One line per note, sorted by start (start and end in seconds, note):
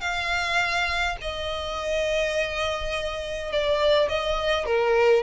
0.00 1.17 F5
1.21 3.52 D#5
3.52 4.08 D5
4.08 4.65 D#5
4.65 5.22 A#4